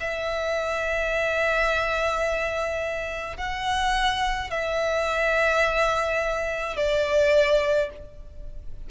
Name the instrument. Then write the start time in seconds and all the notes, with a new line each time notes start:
violin
0.00 E5
3.37 F#5
4.50 E5
6.76 D5